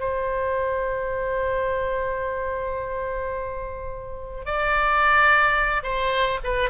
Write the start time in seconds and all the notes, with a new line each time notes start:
0.00 C5
4.46 D5
5.83 C5
6.44 B4